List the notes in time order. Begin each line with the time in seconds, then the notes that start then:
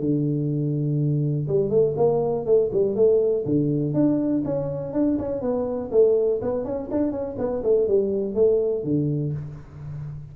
0.00 D3
1.48 G3
1.70 A3
1.97 A#3
2.46 A3
2.72 G3
2.96 A3
3.46 D3
3.94 D4
4.45 C#4
4.93 D4
5.19 C#4
5.41 B3
5.92 A3
6.42 B3
6.65 C#4
6.91 D4
7.12 C#4
7.38 B3
7.63 A3
7.88 G3
8.35 A3
8.84 D3